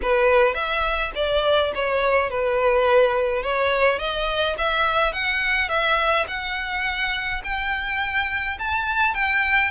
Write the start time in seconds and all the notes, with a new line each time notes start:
0.02 B4
0.54 E5
1.15 D5
1.75 C#5
2.30 B4
3.42 C#5
3.98 D#5
4.58 E5
5.12 F#5
5.69 E5
6.27 F#5
7.43 G5
8.58 A5
9.14 G5